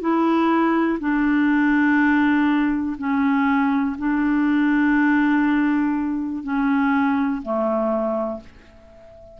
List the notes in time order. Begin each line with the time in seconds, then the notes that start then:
0.00 E4
1.00 D4
2.98 C#4
3.98 D4
6.43 C#4
7.42 A3